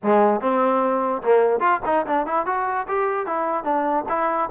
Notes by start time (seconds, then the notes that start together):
0.03 G#3
0.40 C4
1.22 A#3
1.60 F4
1.85 D#4
2.06 D4
2.26 E4
2.45 F#4
2.88 G4
3.26 E4
3.63 D4
4.09 E4